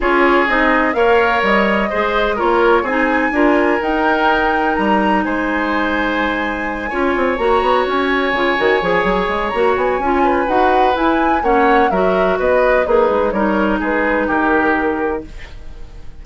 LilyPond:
<<
  \new Staff \with { instrumentName = "flute" } { \time 4/4 \tempo 4 = 126 cis''4 dis''4 f''4 dis''4~ | dis''4 cis''4 gis''2 | g''2 ais''4 gis''4~ | gis''2.~ gis''8 ais''8~ |
ais''8 gis''2.~ gis''8 | ais''8 gis''4. fis''4 gis''4 | fis''4 e''4 dis''4 b'4 | cis''4 b'4 ais'2 | }
  \new Staff \with { instrumentName = "oboe" } { \time 4/4 gis'2 cis''2 | c''4 ais'4 gis'4 ais'4~ | ais'2. c''4~ | c''2~ c''8 cis''4.~ |
cis''1~ | cis''4. b'2~ b'8 | cis''4 ais'4 b'4 dis'4 | ais'4 gis'4 g'2 | }
  \new Staff \with { instrumentName = "clarinet" } { \time 4/4 f'4 dis'4 ais'2 | gis'4 f'4 dis'4 f'4 | dis'1~ | dis'2~ dis'8 f'4 fis'8~ |
fis'4. f'8 fis'8 gis'4. | fis'4 f'4 fis'4 e'4 | cis'4 fis'2 gis'4 | dis'1 | }
  \new Staff \with { instrumentName = "bassoon" } { \time 4/4 cis'4 c'4 ais4 g4 | gis4 ais4 c'4 d'4 | dis'2 g4 gis4~ | gis2~ gis8 cis'8 c'8 ais8 |
b8 cis'4 cis8 dis8 f8 fis8 gis8 | ais8 b8 cis'4 dis'4 e'4 | ais4 fis4 b4 ais8 gis8 | g4 gis4 dis2 | }
>>